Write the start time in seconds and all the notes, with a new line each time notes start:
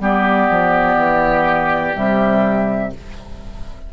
0.00 G3 B3 G4 D5
0.50 F3
0.96 E3
1.94 C3 G3 E5